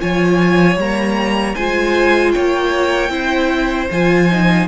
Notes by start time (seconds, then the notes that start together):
0.00 F3 F4 C#5 G#5
0.76 G3 A#3 A#5
1.55 G#3 F4 C5 G#5
2.32 A#3 C#5 G5
3.09 C4 E4 C5
3.91 F3 F4 G#5
4.31 D#4